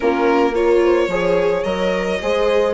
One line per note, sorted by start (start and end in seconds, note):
0.00 1.07 A#3
0.00 0.52 C#4
0.00 0.52 F4
0.00 0.54 A#4
0.52 1.09 F4
0.52 0.80 A#4
0.52 1.63 C#5
0.83 1.11 C5
1.07 1.62 F3
1.07 1.65 G#4
1.07 2.21 C#5
1.63 2.19 F#3
1.63 2.20 A#4
1.63 2.73 D#5
2.21 2.74 G#3
2.21 2.74 G#4
2.21 2.74 C5